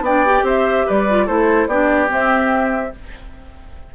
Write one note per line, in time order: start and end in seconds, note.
0.00 0.41 B3
0.00 0.25 D4
0.00 0.45 D5
0.00 0.46 G5
0.25 1.08 G4
0.42 0.84 C4
0.42 0.86 C5
0.42 0.88 E5
0.86 1.28 G3
0.86 1.25 B4
0.86 1.27 D5
1.08 1.27 F4
1.25 1.66 A3
1.25 1.69 E4
1.25 1.67 A4
1.25 1.68 C5
1.66 2.08 B3
1.66 2.07 D4
1.66 2.92 G4
1.66 2.09 D5
2.07 2.90 C4
2.07 2.94 C4
2.07 2.95 E5